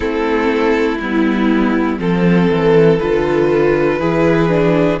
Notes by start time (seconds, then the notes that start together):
0.00 A3 C4 E4 A4
0.99 G3 B3 E4
1.98 F3 C4 A4
2.50 E3
2.99 D3 F4 B4
4.00 E3 E4 G#4
4.49 D4